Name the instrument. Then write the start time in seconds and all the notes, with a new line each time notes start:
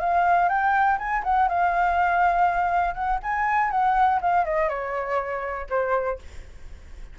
flute
0.00 F5
0.49 G5
0.98 G#5
1.24 F#5
1.48 F5
2.94 F#5
3.23 G#5
3.71 F#5
4.21 F5
4.45 D#5
4.69 C#5
5.70 C5